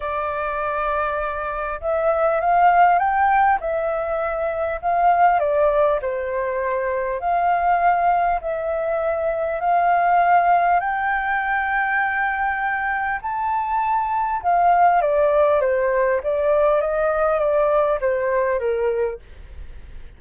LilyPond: \new Staff \with { instrumentName = "flute" } { \time 4/4 \tempo 4 = 100 d''2. e''4 | f''4 g''4 e''2 | f''4 d''4 c''2 | f''2 e''2 |
f''2 g''2~ | g''2 a''2 | f''4 d''4 c''4 d''4 | dis''4 d''4 c''4 ais'4 | }